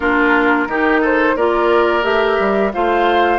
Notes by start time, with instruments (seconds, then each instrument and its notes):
0.00 bassoon A#3, clarinet D4, oboe F4, flute A#4
0.67 bassoon D#3, clarinet D#4, oboe G4
1.01 oboe A4, flute C5
1.35 bassoon A#3, clarinet F4, oboe A#4, flute D5
2.02 bassoon A3, clarinet G4, flute E5
2.39 bassoon G3
2.73 bassoon A3, clarinet F4, oboe C5, flute F5